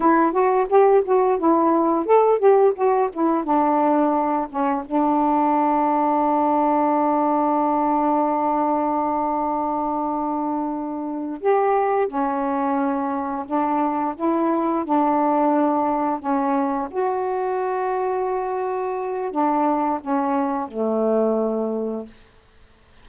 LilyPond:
\new Staff \with { instrumentName = "saxophone" } { \time 4/4 \tempo 4 = 87 e'8 fis'8 g'8 fis'8 e'4 a'8 g'8 | fis'8 e'8 d'4. cis'8 d'4~ | d'1~ | d'1~ |
d'8 g'4 cis'2 d'8~ | d'8 e'4 d'2 cis'8~ | cis'8 fis'2.~ fis'8 | d'4 cis'4 a2 | }